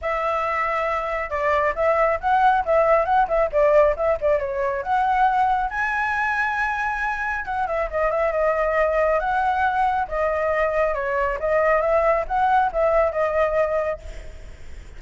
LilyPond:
\new Staff \with { instrumentName = "flute" } { \time 4/4 \tempo 4 = 137 e''2. d''4 | e''4 fis''4 e''4 fis''8 e''8 | d''4 e''8 d''8 cis''4 fis''4~ | fis''4 gis''2.~ |
gis''4 fis''8 e''8 dis''8 e''8 dis''4~ | dis''4 fis''2 dis''4~ | dis''4 cis''4 dis''4 e''4 | fis''4 e''4 dis''2 | }